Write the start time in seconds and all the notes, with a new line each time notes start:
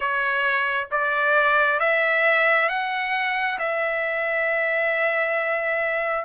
0.00 C#5
0.91 D5
1.79 E5
2.68 F#5
3.59 E5